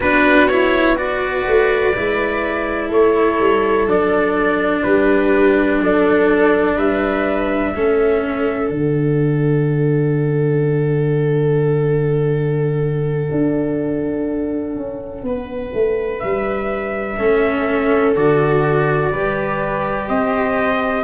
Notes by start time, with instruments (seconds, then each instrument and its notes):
0.00 tuba B3, cello D4, viola F#4, trumpet B4
0.47 cello E4, trumpet C#5
0.96 cello F#4, viola B4, trumpet D5
1.46 tuba A3
1.94 tuba G#3, cello E4
2.89 tuba A3, viola A4, trumpet C#5
3.39 tuba G3
3.86 tuba F#3, cello D4, trumpet D5
4.83 tuba G3, viola G4, trumpet B4
5.80 tuba F#3, viola A4, trumpet D5
6.75 tuba G3, viola B4, trumpet E5
7.74 tuba A3, cello C#4, viola A4
8.70 tuba D3, cello D4, trumpet F#5
13.31 tuba D4
14.76 tuba C#4
15.22 tuba B3, viola B4
15.73 tuba A3
16.19 tuba G3, trumpet E5
17.18 tuba A3, cello C#4, viola A4
18.15 tuba D3, cello F#4, trumpet D5
19.12 tuba G3, cello G4, viola B4
20.08 tuba C4, viola C5, trumpet D#5